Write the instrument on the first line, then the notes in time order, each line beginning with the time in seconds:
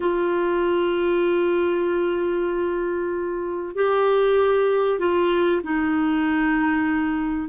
clarinet
0.00 F4
3.75 G4
4.99 F4
5.63 D#4